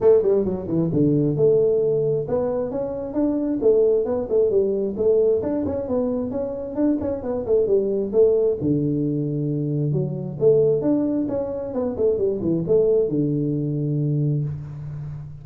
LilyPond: \new Staff \with { instrumentName = "tuba" } { \time 4/4 \tempo 4 = 133 a8 g8 fis8 e8 d4 a4~ | a4 b4 cis'4 d'4 | a4 b8 a8 g4 a4 | d'8 cis'8 b4 cis'4 d'8 cis'8 |
b8 a8 g4 a4 d4~ | d2 fis4 a4 | d'4 cis'4 b8 a8 g8 e8 | a4 d2. | }